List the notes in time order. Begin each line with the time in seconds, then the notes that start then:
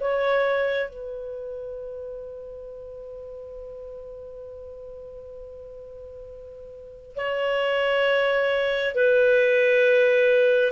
0.00 C#5
0.90 B4
7.16 C#5
8.95 B4